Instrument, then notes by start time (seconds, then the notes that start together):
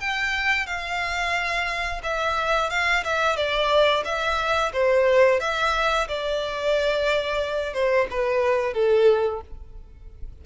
violin
0.00 G5
0.66 F5
2.03 E5
2.70 F5
3.04 E5
3.36 D5
4.04 E5
4.73 C5
5.40 E5
6.08 D5
7.73 C5
8.10 B4
8.74 A4